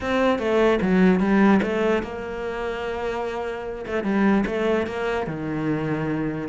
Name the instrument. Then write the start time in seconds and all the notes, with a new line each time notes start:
cello
0.00 C4
0.38 A3
0.81 F#3
1.20 G3
1.62 A3
2.03 A#3
3.86 A3
4.03 G3
4.46 A3
4.86 A#3
5.26 D#3